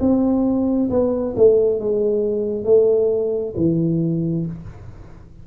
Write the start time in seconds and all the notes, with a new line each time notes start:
0.00 C4
0.90 B3
1.36 A3
1.80 G#3
2.65 A3
3.57 E3